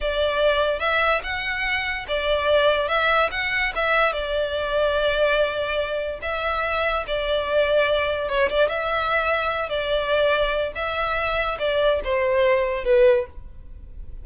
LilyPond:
\new Staff \with { instrumentName = "violin" } { \time 4/4 \tempo 4 = 145 d''2 e''4 fis''4~ | fis''4 d''2 e''4 | fis''4 e''4 d''2~ | d''2. e''4~ |
e''4 d''2. | cis''8 d''8 e''2~ e''8 d''8~ | d''2 e''2 | d''4 c''2 b'4 | }